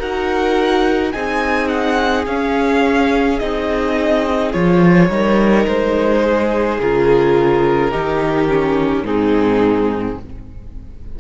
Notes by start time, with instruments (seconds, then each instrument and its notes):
0.00 cello D#4, viola F#4, violin A#4 F#5
1.12 cello C4, viola D#4, violin G#4 G#5
1.68 violin F#5
2.27 cello C#4, viola C#4, violin F5
3.39 cello C4, viola D#4, violin D#5
4.53 cello F3, viola F4, violin C#5
5.10 cello G3, viola D#4, violin A#4
5.67 cello G#3, violin C5
6.23 violin G#4
6.81 cello C#3, viola F4, violin A#4
7.92 cello D#3, viola D#4, violin G4
8.49 viola C#4
9.03 cello G#2, viola C4, violin D#4 G#4